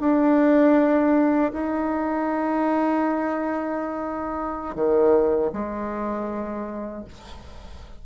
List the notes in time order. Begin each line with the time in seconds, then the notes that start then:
0.00 D4
1.52 D#4
4.75 D#3
5.52 G#3